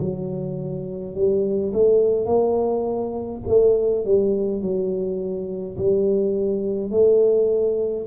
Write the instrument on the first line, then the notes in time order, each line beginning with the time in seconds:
tuba
0.00 F#3
1.15 G3
1.73 A3
2.26 A#3
3.47 A3
4.05 G3
4.62 F#3
5.77 G3
6.90 A3